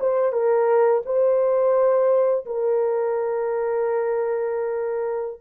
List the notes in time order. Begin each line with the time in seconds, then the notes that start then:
0.00 C5
0.32 A#4
1.06 C5
2.45 A#4